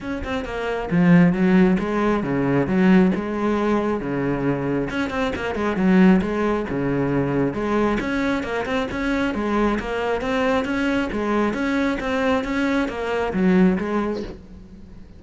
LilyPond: \new Staff \with { instrumentName = "cello" } { \time 4/4 \tempo 4 = 135 cis'8 c'8 ais4 f4 fis4 | gis4 cis4 fis4 gis4~ | gis4 cis2 cis'8 c'8 | ais8 gis8 fis4 gis4 cis4~ |
cis4 gis4 cis'4 ais8 c'8 | cis'4 gis4 ais4 c'4 | cis'4 gis4 cis'4 c'4 | cis'4 ais4 fis4 gis4 | }